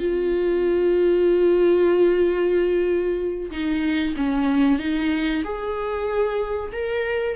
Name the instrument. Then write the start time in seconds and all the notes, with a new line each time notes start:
viola
0.00 F4
3.51 D#4
4.17 C#4
4.80 D#4
5.45 G#4
6.73 A#4